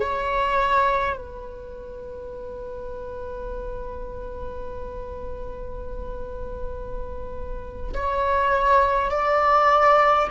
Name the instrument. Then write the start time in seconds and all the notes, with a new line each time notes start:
viola
0.00 C#5
1.17 B4
7.94 C#5
9.10 D5